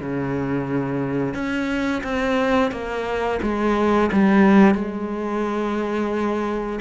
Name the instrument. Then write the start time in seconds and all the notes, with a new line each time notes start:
cello
0.00 C#3
1.34 C#4
2.03 C4
2.71 A#3
3.42 G#3
4.12 G3
4.74 G#3